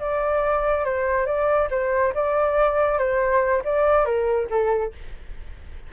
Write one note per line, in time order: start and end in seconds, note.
0.00 0.85 D5
0.85 1.26 C5
1.26 1.69 D5
1.71 2.14 C5
2.15 2.99 D5
2.99 3.63 C5
3.65 4.05 D5
4.05 4.48 A#4
4.50 4.93 A4